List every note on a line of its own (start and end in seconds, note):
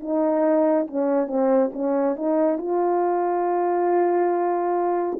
0.00 0.87 D#4
0.87 1.28 C#4
1.28 1.71 C4
1.73 2.16 C#4
2.16 2.58 D#4
2.58 5.19 F4